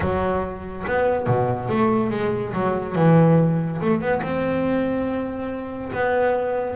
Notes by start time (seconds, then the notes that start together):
0.00 F#3
0.87 B3
1.26 B2
1.68 A3
2.10 G#3
2.53 F#3
2.95 E3
3.81 A3
4.00 B3
4.22 C4
5.92 B3